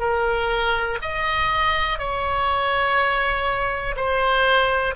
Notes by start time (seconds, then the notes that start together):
0.00 A#4
1.01 D#5
1.99 C#5
3.96 C5